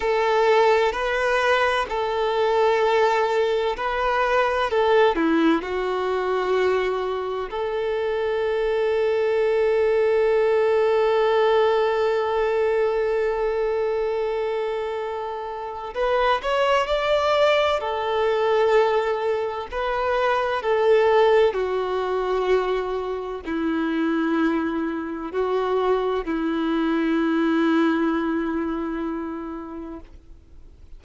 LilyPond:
\new Staff \with { instrumentName = "violin" } { \time 4/4 \tempo 4 = 64 a'4 b'4 a'2 | b'4 a'8 e'8 fis'2 | a'1~ | a'1~ |
a'4 b'8 cis''8 d''4 a'4~ | a'4 b'4 a'4 fis'4~ | fis'4 e'2 fis'4 | e'1 | }